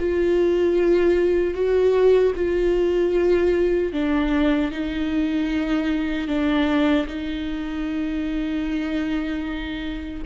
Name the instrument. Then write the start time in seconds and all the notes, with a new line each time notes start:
viola
0.00 F4
1.55 F#4
2.36 F4
3.93 D4
4.72 D#4
6.28 D4
7.07 D#4